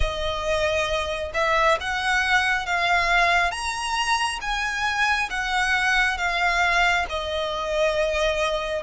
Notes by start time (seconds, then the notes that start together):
0.00 D#5
1.34 E5
1.80 F#5
2.66 F5
3.51 A#5
4.41 G#5
5.30 F#5
6.17 F5
7.09 D#5